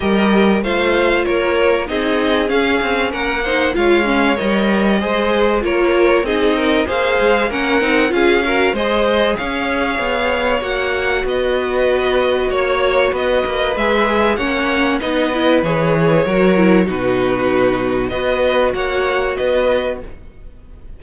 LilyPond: <<
  \new Staff \with { instrumentName = "violin" } { \time 4/4 \tempo 4 = 96 dis''4 f''4 cis''4 dis''4 | f''4 fis''4 f''4 dis''4~ | dis''4 cis''4 dis''4 f''4 | fis''4 f''4 dis''4 f''4~ |
f''4 fis''4 dis''2 | cis''4 dis''4 e''4 fis''4 | dis''4 cis''2 b'4~ | b'4 dis''4 fis''4 dis''4 | }
  \new Staff \with { instrumentName = "violin" } { \time 4/4 ais'4 c''4 ais'4 gis'4~ | gis'4 ais'8 c''8 cis''2 | c''4 ais'4 gis'8 ais'8 c''4 | ais'4 gis'8 ais'8 c''4 cis''4~ |
cis''2 b'2 | cis''4 b'2 cis''4 | b'2 ais'4 fis'4~ | fis'4 b'4 cis''4 b'4 | }
  \new Staff \with { instrumentName = "viola" } { \time 4/4 g'4 f'2 dis'4 | cis'4. dis'8 f'8 cis'8 ais'4 | gis'4 f'4 dis'4 gis'4 | cis'8 dis'8 f'8 fis'8 gis'2~ |
gis'4 fis'2.~ | fis'2 gis'4 cis'4 | dis'8 e'8 gis'4 fis'8 e'8 dis'4~ | dis'4 fis'2. | }
  \new Staff \with { instrumentName = "cello" } { \time 4/4 g4 a4 ais4 c'4 | cis'8 c'8 ais4 gis4 g4 | gis4 ais4 c'4 ais8 gis8 | ais8 c'8 cis'4 gis4 cis'4 |
b4 ais4 b2 | ais4 b8 ais8 gis4 ais4 | b4 e4 fis4 b,4~ | b,4 b4 ais4 b4 | }
>>